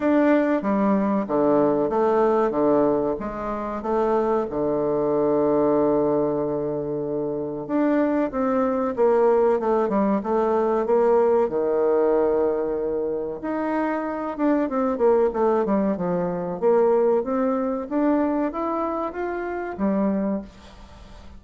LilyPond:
\new Staff \with { instrumentName = "bassoon" } { \time 4/4 \tempo 4 = 94 d'4 g4 d4 a4 | d4 gis4 a4 d4~ | d1 | d'4 c'4 ais4 a8 g8 |
a4 ais4 dis2~ | dis4 dis'4. d'8 c'8 ais8 | a8 g8 f4 ais4 c'4 | d'4 e'4 f'4 g4 | }